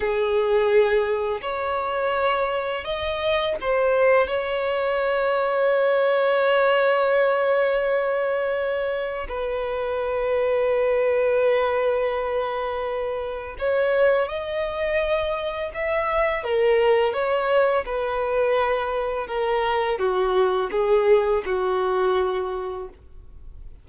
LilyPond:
\new Staff \with { instrumentName = "violin" } { \time 4/4 \tempo 4 = 84 gis'2 cis''2 | dis''4 c''4 cis''2~ | cis''1~ | cis''4 b'2.~ |
b'2. cis''4 | dis''2 e''4 ais'4 | cis''4 b'2 ais'4 | fis'4 gis'4 fis'2 | }